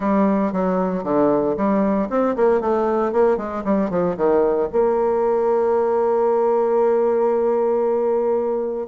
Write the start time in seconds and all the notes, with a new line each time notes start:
0.00 G3
0.52 F#3
1.03 D3
1.56 G3
2.09 C4
2.36 A#3
2.60 A3
3.12 A#3
3.37 G#3
3.64 G3
3.89 F3
4.16 D#3
4.72 A#3